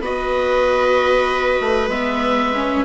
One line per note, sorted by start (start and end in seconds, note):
0.00 1.58 B3
0.00 1.90 F#4
0.00 2.85 B4
0.00 1.90 D#5
1.60 1.87 A3
1.87 2.82 G#3
1.87 2.53 B3
1.87 2.84 E5
2.54 2.85 C#4